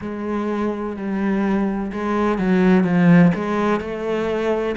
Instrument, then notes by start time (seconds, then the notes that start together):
cello
0.01 G#3
0.96 G3
1.92 G#3
2.38 F#3
2.84 F3
3.34 G#3
3.80 A3